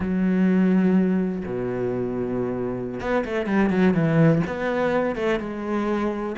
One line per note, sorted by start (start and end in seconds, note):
0.00 1.44 F#3
1.45 3.00 B2
3.00 3.24 B3
3.25 3.45 A3
3.45 3.69 G3
3.70 3.94 F#3
3.94 4.42 E3
4.46 5.15 B3
5.15 5.39 A3
5.39 6.35 G#3